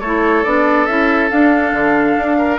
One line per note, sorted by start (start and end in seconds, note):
0.00 0.44 A3
0.00 0.44 E4
0.00 2.38 A4
0.00 0.43 C#5
0.43 0.87 B3
0.43 0.87 D4
0.43 0.86 D5
0.86 1.30 C#4
0.86 1.30 E4
0.86 1.29 E5
1.30 2.58 D4
1.30 1.72 D4
1.30 2.58 F5
1.72 2.15 D3
2.17 2.58 D4
2.38 2.58 A#4